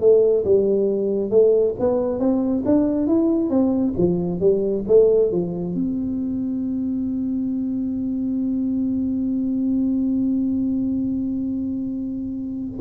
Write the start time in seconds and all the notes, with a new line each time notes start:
0.00 A3
0.45 G3
1.30 A3
1.79 B3
2.19 C4
2.65 D4
3.07 E4
3.49 C4
3.97 F3
4.40 G3
4.87 A3
5.31 F3
5.74 C4